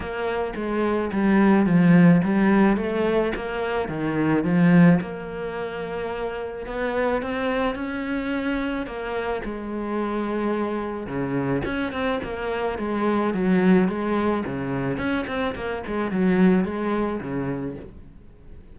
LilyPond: \new Staff \with { instrumentName = "cello" } { \time 4/4 \tempo 4 = 108 ais4 gis4 g4 f4 | g4 a4 ais4 dis4 | f4 ais2. | b4 c'4 cis'2 |
ais4 gis2. | cis4 cis'8 c'8 ais4 gis4 | fis4 gis4 cis4 cis'8 c'8 | ais8 gis8 fis4 gis4 cis4 | }